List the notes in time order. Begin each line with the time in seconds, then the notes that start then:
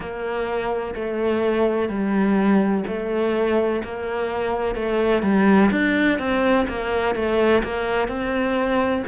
0.00 A#3
0.94 A3
1.88 G3
2.87 A3
3.84 A#3
4.75 A3
5.22 G3
5.71 D4
6.18 C4
6.68 A#3
7.15 A3
7.63 A#3
8.08 C4